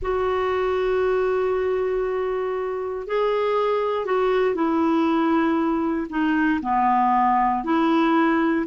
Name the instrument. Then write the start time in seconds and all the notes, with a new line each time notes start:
clarinet
0.02 F#4
3.07 G#4
4.05 F#4
4.54 E4
6.09 D#4
6.62 B3
7.64 E4